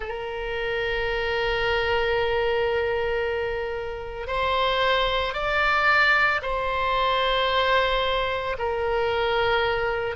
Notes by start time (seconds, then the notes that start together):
0.00 A#4
4.27 C5
5.33 D5
6.41 C5
8.58 A#4